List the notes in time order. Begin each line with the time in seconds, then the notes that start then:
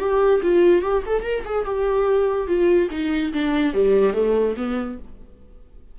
0.00 G4
0.43 F4
0.83 G4
1.07 A4
1.23 A#4
1.46 G#4
1.66 G4
2.48 F4
2.91 D#4
3.34 D4
3.74 G3
4.14 A3
4.57 B3